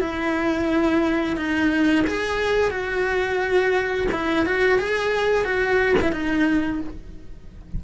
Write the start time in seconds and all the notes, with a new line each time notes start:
0.00 E4
1.37 D#4
2.07 G#4
2.71 F#4
4.12 E4
4.46 F#4
4.79 G#4
5.44 F#4
6.01 E4
6.12 D#4